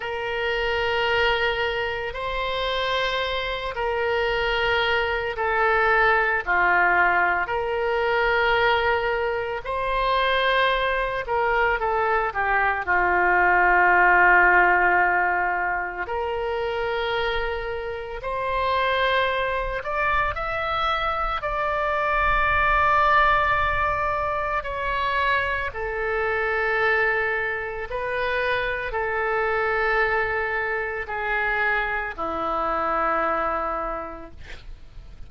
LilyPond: \new Staff \with { instrumentName = "oboe" } { \time 4/4 \tempo 4 = 56 ais'2 c''4. ais'8~ | ais'4 a'4 f'4 ais'4~ | ais'4 c''4. ais'8 a'8 g'8 | f'2. ais'4~ |
ais'4 c''4. d''8 e''4 | d''2. cis''4 | a'2 b'4 a'4~ | a'4 gis'4 e'2 | }